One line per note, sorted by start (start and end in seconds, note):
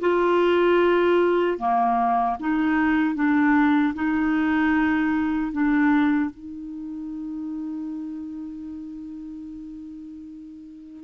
0.00 1.58 F4
1.58 2.37 A#3
2.40 3.15 D#4
3.15 3.94 D4
3.94 5.52 D#4
5.52 6.31 D4
6.31 11.03 D#4